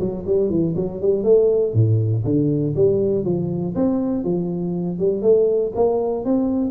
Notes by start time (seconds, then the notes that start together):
0.00 F#3
0.27 G3
0.50 E3
0.77 F#3
1.02 G3
1.24 A3
1.74 A2
2.25 D3
2.76 G3
3.25 F3
3.75 C4
4.24 F3
4.99 G3
5.22 A3
5.75 A#3
6.25 C4